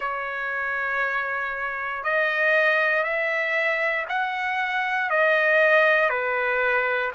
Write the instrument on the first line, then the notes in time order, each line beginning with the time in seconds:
trumpet
0.00 C#5
2.03 D#5
3.03 E5
4.09 F#5
5.09 D#5
6.09 B4